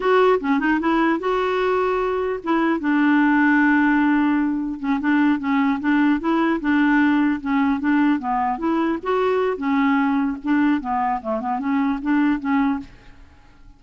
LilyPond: \new Staff \with { instrumentName = "clarinet" } { \time 4/4 \tempo 4 = 150 fis'4 cis'8 dis'8 e'4 fis'4~ | fis'2 e'4 d'4~ | d'1 | cis'8 d'4 cis'4 d'4 e'8~ |
e'8 d'2 cis'4 d'8~ | d'8 b4 e'4 fis'4. | cis'2 d'4 b4 | a8 b8 cis'4 d'4 cis'4 | }